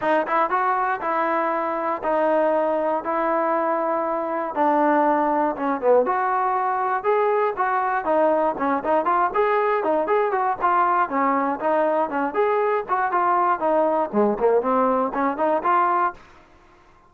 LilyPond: \new Staff \with { instrumentName = "trombone" } { \time 4/4 \tempo 4 = 119 dis'8 e'8 fis'4 e'2 | dis'2 e'2~ | e'4 d'2 cis'8 b8 | fis'2 gis'4 fis'4 |
dis'4 cis'8 dis'8 f'8 gis'4 dis'8 | gis'8 fis'8 f'4 cis'4 dis'4 | cis'8 gis'4 fis'8 f'4 dis'4 | gis8 ais8 c'4 cis'8 dis'8 f'4 | }